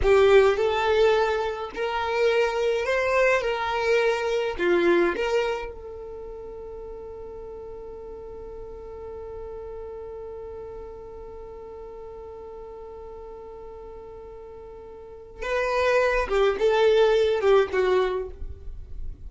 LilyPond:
\new Staff \with { instrumentName = "violin" } { \time 4/4 \tempo 4 = 105 g'4 a'2 ais'4~ | ais'4 c''4 ais'2 | f'4 ais'4 a'2~ | a'1~ |
a'1~ | a'1~ | a'2. b'4~ | b'8 g'8 a'4. g'8 fis'4 | }